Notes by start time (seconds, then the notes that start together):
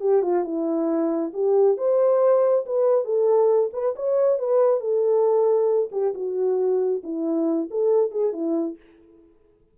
0.00 G4
0.22 F4
0.44 E4
1.33 G4
1.77 C5
2.66 B4
3.05 A4
3.73 B4
3.96 C#5
4.39 B4
4.80 A4
5.92 G4
6.14 F#4
7.03 E4
7.70 A4
8.11 G#4
8.33 E4